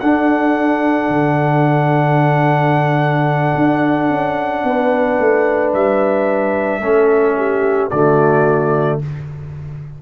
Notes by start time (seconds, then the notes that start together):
0.00 D4 A4 F#5
1.09 D3
3.55 D4
4.10 C#4
4.64 B3 B4
5.19 A3
5.74 G3 E5
6.80 A3 C#4 A4
7.37 G4
7.90 D3 A3 F#4 D5